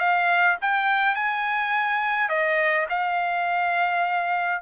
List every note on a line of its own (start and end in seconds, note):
0.00 0.58 F5
0.62 1.15 G5
1.15 2.29 G#5
2.29 2.87 D#5
2.90 4.63 F5